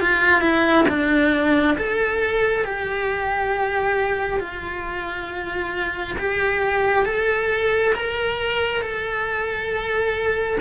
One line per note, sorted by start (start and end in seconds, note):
0.00 0.41 F4
0.41 0.85 E4
0.88 1.76 D4
1.78 2.64 A4
2.64 4.40 G4
4.40 6.16 F4
6.18 7.05 G4
7.05 7.93 A4
7.95 8.81 A#4
8.81 10.58 A4